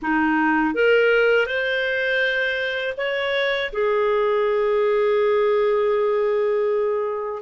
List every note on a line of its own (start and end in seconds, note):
0.02 0.74 D#4
0.74 1.46 A#4
1.46 2.94 C5
2.97 3.71 C#5
3.72 7.42 G#4